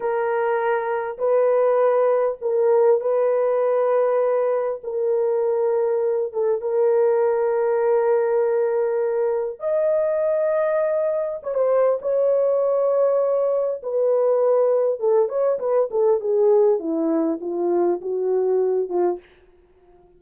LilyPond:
\new Staff \with { instrumentName = "horn" } { \time 4/4 \tempo 4 = 100 ais'2 b'2 | ais'4 b'2. | ais'2~ ais'8 a'8 ais'4~ | ais'1 |
dis''2. cis''16 c''8. | cis''2. b'4~ | b'4 a'8 cis''8 b'8 a'8 gis'4 | e'4 f'4 fis'4. f'8 | }